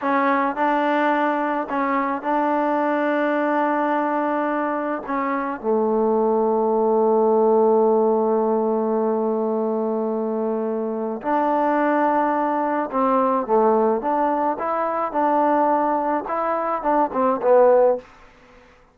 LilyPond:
\new Staff \with { instrumentName = "trombone" } { \time 4/4 \tempo 4 = 107 cis'4 d'2 cis'4 | d'1~ | d'4 cis'4 a2~ | a1~ |
a1 | d'2. c'4 | a4 d'4 e'4 d'4~ | d'4 e'4 d'8 c'8 b4 | }